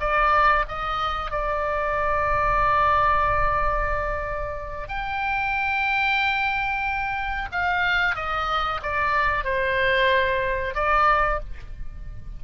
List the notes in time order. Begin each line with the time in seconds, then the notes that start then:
0.00 D5
0.69 D#5
1.31 D5
4.89 G5
7.52 F5
8.16 D#5
8.83 D5
9.45 C5
10.75 D5